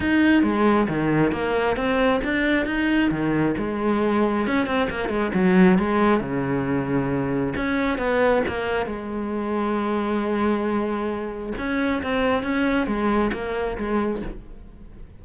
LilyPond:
\new Staff \with { instrumentName = "cello" } { \time 4/4 \tempo 4 = 135 dis'4 gis4 dis4 ais4 | c'4 d'4 dis'4 dis4 | gis2 cis'8 c'8 ais8 gis8 | fis4 gis4 cis2~ |
cis4 cis'4 b4 ais4 | gis1~ | gis2 cis'4 c'4 | cis'4 gis4 ais4 gis4 | }